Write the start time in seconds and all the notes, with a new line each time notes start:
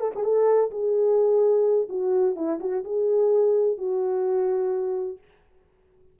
0.00 A4
0.16 G#4
0.24 A4
0.71 G#4
1.89 F#4
2.36 E4
2.61 F#4
2.85 G#4
3.78 F#4